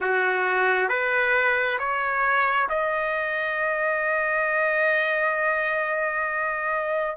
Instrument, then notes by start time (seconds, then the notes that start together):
trumpet
0.00 F#4
0.88 B4
1.79 C#5
2.69 D#5